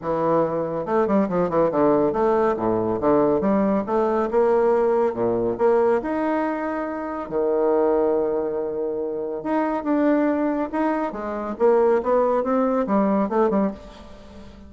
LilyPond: \new Staff \with { instrumentName = "bassoon" } { \time 4/4 \tempo 4 = 140 e2 a8 g8 f8 e8 | d4 a4 a,4 d4 | g4 a4 ais2 | ais,4 ais4 dis'2~ |
dis'4 dis2.~ | dis2 dis'4 d'4~ | d'4 dis'4 gis4 ais4 | b4 c'4 g4 a8 g8 | }